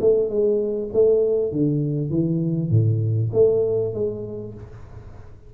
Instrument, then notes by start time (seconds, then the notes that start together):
tuba
0.00 A3
0.29 G#3
0.93 A3
1.52 D3
2.10 E3
2.69 A2
3.33 A3
3.93 G#3